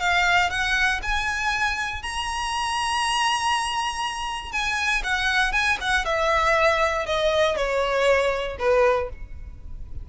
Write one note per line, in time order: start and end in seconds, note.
0.00 0.50 F5
0.50 1.00 F#5
1.02 2.02 G#5
2.02 4.52 A#5
4.52 5.03 G#5
5.03 5.52 F#5
5.52 5.78 G#5
5.81 6.05 F#5
6.05 7.06 E5
7.06 7.56 D#5
7.56 8.57 C#5
8.59 9.09 B4